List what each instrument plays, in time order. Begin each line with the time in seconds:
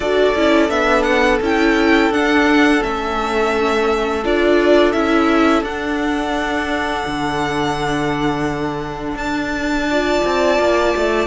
0.00 cello D4, viola F#4, violin A4 D5
0.35 cello C#4, viola E4
0.69 cello B3, viola D4, violin E5
1.02 violin F#5
1.41 cello C#4, viola E4, violin G5
2.10 cello D4, viola D4, violin F#5
2.80 cello A3, viola C#4, violin E5
4.24 cello D4, viola F4, violin D5
4.92 cello C#4, viola E4, violin E5
5.62 cello D4, viola D4, violin F#5
7.06 cello D3
9.14 cello D4, violin A5
9.90 viola F4, violin D5
10.24 cello C4
10.58 cello A#3
10.96 cello A3